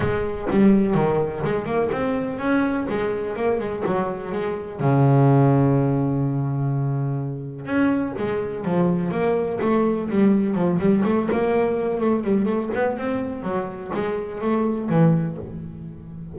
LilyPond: \new Staff \with { instrumentName = "double bass" } { \time 4/4 \tempo 4 = 125 gis4 g4 dis4 gis8 ais8 | c'4 cis'4 gis4 ais8 gis8 | fis4 gis4 cis2~ | cis1 |
cis'4 gis4 f4 ais4 | a4 g4 f8 g8 a8 ais8~ | ais4 a8 g8 a8 b8 c'4 | fis4 gis4 a4 e4 | }